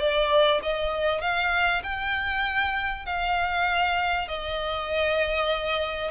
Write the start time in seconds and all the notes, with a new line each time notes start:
0.00 D5
0.63 D#5
1.22 F5
1.83 G5
3.06 F5
4.29 D#5